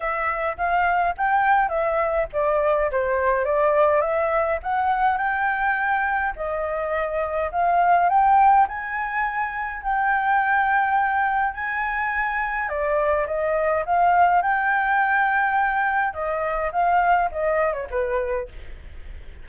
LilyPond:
\new Staff \with { instrumentName = "flute" } { \time 4/4 \tempo 4 = 104 e''4 f''4 g''4 e''4 | d''4 c''4 d''4 e''4 | fis''4 g''2 dis''4~ | dis''4 f''4 g''4 gis''4~ |
gis''4 g''2. | gis''2 d''4 dis''4 | f''4 g''2. | dis''4 f''4 dis''8. cis''16 b'4 | }